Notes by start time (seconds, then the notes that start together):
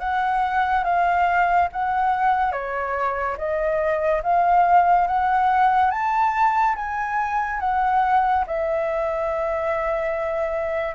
0.00 F#5
0.85 F5
1.73 F#5
2.52 C#5
3.38 D#5
4.23 F5
5.08 F#5
5.91 A5
6.76 G#5
7.61 F#5
8.47 E5